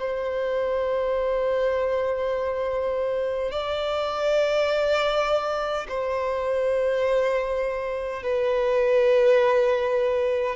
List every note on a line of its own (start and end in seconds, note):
0.00 3.52 C5
3.52 5.87 D5
5.89 8.23 C5
8.23 10.56 B4